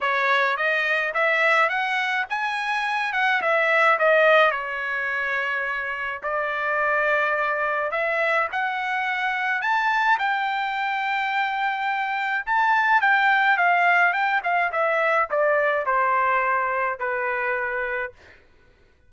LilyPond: \new Staff \with { instrumentName = "trumpet" } { \time 4/4 \tempo 4 = 106 cis''4 dis''4 e''4 fis''4 | gis''4. fis''8 e''4 dis''4 | cis''2. d''4~ | d''2 e''4 fis''4~ |
fis''4 a''4 g''2~ | g''2 a''4 g''4 | f''4 g''8 f''8 e''4 d''4 | c''2 b'2 | }